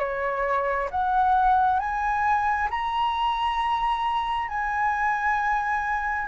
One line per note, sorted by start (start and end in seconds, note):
0.00 0.90 C#5
0.91 1.80 F#5
1.80 2.69 G#5
2.71 4.49 A#5
4.49 6.28 G#5